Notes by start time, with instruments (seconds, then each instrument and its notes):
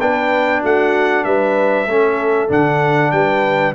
0.00 tuba B3, trombone D4, horn B4, trumpet G5
0.61 tuba A3, horn F#4, trumpet F#5
1.24 tuba G3, horn B4, trumpet E5
1.86 tuba A3, trombone C#4, horn A4
2.48 tuba D3, trombone D4, trumpet F#5
3.11 tuba G3, horn B4, trumpet G5